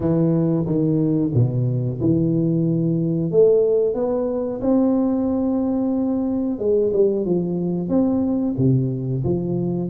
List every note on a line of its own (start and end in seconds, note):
0.00 0.65 E3
0.66 1.32 D#3
1.34 2.00 B2
2.00 3.31 E3
3.31 3.94 A3
3.94 4.60 B3
4.61 6.58 C4
6.58 6.91 G#3
6.93 7.25 G3
7.25 7.89 F3
7.89 8.54 C4
8.57 9.23 C3
9.24 9.89 F3